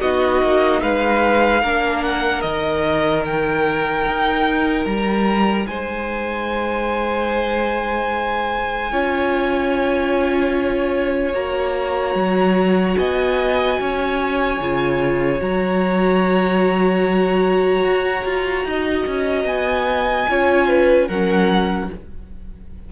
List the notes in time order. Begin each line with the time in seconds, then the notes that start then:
0.00 B3 D#4 F#4 D#5
0.42 A#3
0.81 G#3 B4 F5
1.61 A#3 D4 A#4
2.03 F#5
2.41 D#3 D#4 D#5
3.25 G5
4.06 D#4
4.85 G3 A#5
5.67 G#3 C5 G#5
8.91 C#4 F4 C#5
11.33 A#3 F#4 A#5
12.14 F#3
12.97 B3 D#5 G#5
13.79 C#4 C#5
14.60 C#3 F4
15.38 F#3 F#4 A#5
17.83 F#4
18.25 F4
18.65 D#4 D#5
19.06 C#4
19.44 B3 G#5
20.28 C#4 F4 C#5
20.67 B4
21.07 F#3 C#4 A#4 F#5